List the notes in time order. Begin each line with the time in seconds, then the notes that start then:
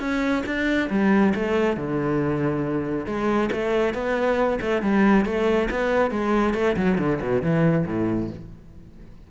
0.00 C#4
0.46 D4
0.91 G3
1.35 A3
1.77 D3
3.06 G#3
3.52 A3
3.94 B3
4.62 A3
4.82 G3
5.26 A3
5.71 B3
6.11 G#3
6.55 A3
6.77 F#3
6.99 D3
7.22 B2
7.42 E3
7.87 A2